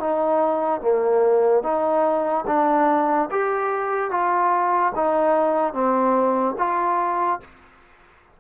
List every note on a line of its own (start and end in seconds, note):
0.00 0.81 D#4
0.81 1.63 A#3
1.63 2.45 D#4
2.47 3.29 D4
3.31 4.11 G4
4.11 4.93 F4
4.96 5.73 D#4
5.73 6.56 C4
6.58 7.40 F4